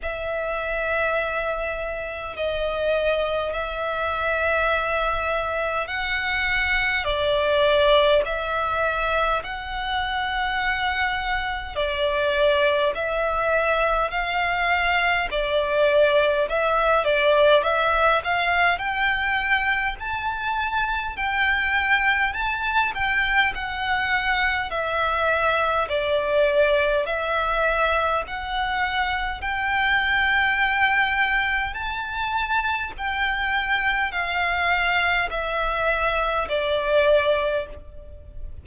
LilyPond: \new Staff \with { instrumentName = "violin" } { \time 4/4 \tempo 4 = 51 e''2 dis''4 e''4~ | e''4 fis''4 d''4 e''4 | fis''2 d''4 e''4 | f''4 d''4 e''8 d''8 e''8 f''8 |
g''4 a''4 g''4 a''8 g''8 | fis''4 e''4 d''4 e''4 | fis''4 g''2 a''4 | g''4 f''4 e''4 d''4 | }